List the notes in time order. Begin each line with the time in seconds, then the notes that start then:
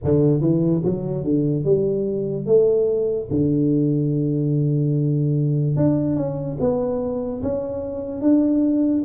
0.04 D3
0.41 E3
0.84 F#3
1.23 D3
1.64 G3
2.45 A3
3.30 D3
5.76 D4
6.16 C#4
6.59 B3
7.42 C#4
8.21 D4